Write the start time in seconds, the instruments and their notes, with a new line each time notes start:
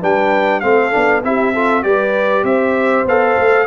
0.00 tuba G3, trombone D4, horn B4, trumpet G5
0.60 tuba A3, trombone C4, horn A4, trumpet F5
0.91 tuba B3, trombone D4
1.23 tuba C4, trombone E4, horn G4, trumpet E5
1.53 trombone F4, horn A4
1.83 tuba G3, trombone G4, horn B4, trumpet D5
2.43 tuba C4, horn C5, trumpet E5
3.05 tuba B3, trombone A4, trumpet F5
3.37 tuba A3